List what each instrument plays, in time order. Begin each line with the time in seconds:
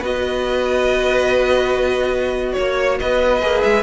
0.00 cello B3, viola F#4, violin B4 D#5
2.53 cello A#3, violin C#5
3.00 cello B3, violin B4 D#5
3.41 cello A#3, viola G#4
3.63 cello G#3, violin E5